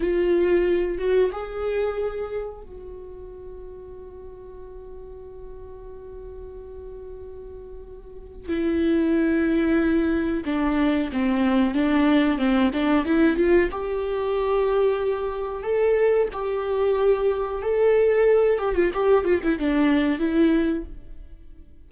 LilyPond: \new Staff \with { instrumentName = "viola" } { \time 4/4 \tempo 4 = 92 f'4. fis'8 gis'2 | fis'1~ | fis'1~ | fis'4 e'2. |
d'4 c'4 d'4 c'8 d'8 | e'8 f'8 g'2. | a'4 g'2 a'4~ | a'8 g'16 f'16 g'8 f'16 e'16 d'4 e'4 | }